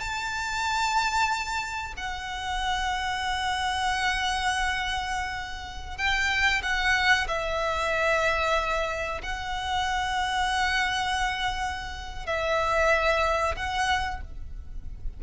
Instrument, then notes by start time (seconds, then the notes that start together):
violin
0.00 A5
1.97 F#5
5.97 G5
6.62 F#5
7.28 E5
9.22 F#5
12.26 E5
13.56 F#5